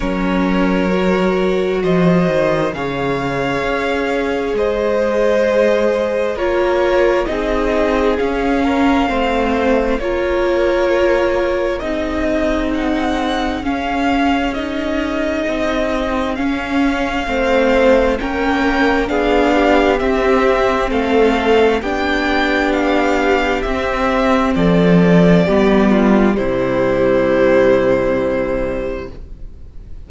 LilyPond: <<
  \new Staff \with { instrumentName = "violin" } { \time 4/4 \tempo 4 = 66 cis''2 dis''4 f''4~ | f''4 dis''2 cis''4 | dis''4 f''2 cis''4~ | cis''4 dis''4 fis''4 f''4 |
dis''2 f''2 | g''4 f''4 e''4 f''4 | g''4 f''4 e''4 d''4~ | d''4 c''2. | }
  \new Staff \with { instrumentName = "violin" } { \time 4/4 ais'2 c''4 cis''4~ | cis''4 c''2 ais'4 | gis'4. ais'8 c''4 ais'4~ | ais'4 gis'2.~ |
gis'2. c''4 | ais'4 gis'8 g'4. a'4 | g'2. a'4 | g'8 f'8 e'2. | }
  \new Staff \with { instrumentName = "viola" } { \time 4/4 cis'4 fis'2 gis'4~ | gis'2. f'4 | dis'4 cis'4 c'4 f'4~ | f'4 dis'2 cis'4 |
dis'2 cis'4 c'4 | cis'4 d'4 c'2 | d'2 c'2 | b4 g2. | }
  \new Staff \with { instrumentName = "cello" } { \time 4/4 fis2 f8 dis8 cis4 | cis'4 gis2 ais4 | c'4 cis'4 a4 ais4~ | ais4 c'2 cis'4~ |
cis'4 c'4 cis'4 a4 | ais4 b4 c'4 a4 | b2 c'4 f4 | g4 c2. | }
>>